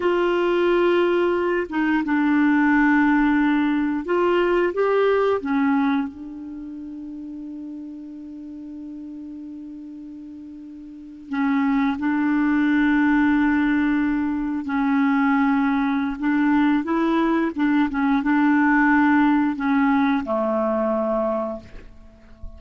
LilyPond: \new Staff \with { instrumentName = "clarinet" } { \time 4/4 \tempo 4 = 89 f'2~ f'8 dis'8 d'4~ | d'2 f'4 g'4 | cis'4 d'2.~ | d'1~ |
d'8. cis'4 d'2~ d'16~ | d'4.~ d'16 cis'2~ cis'16 | d'4 e'4 d'8 cis'8 d'4~ | d'4 cis'4 a2 | }